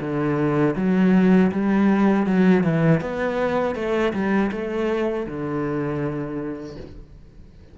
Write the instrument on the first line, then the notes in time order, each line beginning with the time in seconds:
cello
0.00 D3
0.76 F#3
1.51 G3
2.26 F#3
2.63 E3
3.01 B3
3.75 A3
4.13 G3
4.51 A3
5.26 D3